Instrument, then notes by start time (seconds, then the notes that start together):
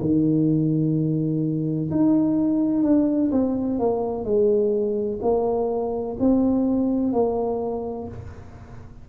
tuba
0.00 D#3
1.91 D#4
2.83 D4
3.32 C4
3.79 A#3
4.25 G#3
5.22 A#3
6.20 C4
7.13 A#3